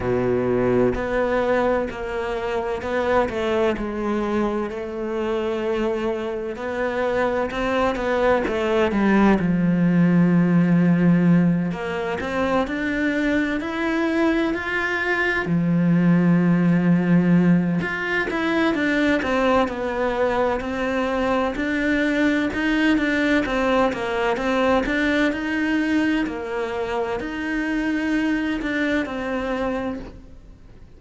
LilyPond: \new Staff \with { instrumentName = "cello" } { \time 4/4 \tempo 4 = 64 b,4 b4 ais4 b8 a8 | gis4 a2 b4 | c'8 b8 a8 g8 f2~ | f8 ais8 c'8 d'4 e'4 f'8~ |
f'8 f2~ f8 f'8 e'8 | d'8 c'8 b4 c'4 d'4 | dis'8 d'8 c'8 ais8 c'8 d'8 dis'4 | ais4 dis'4. d'8 c'4 | }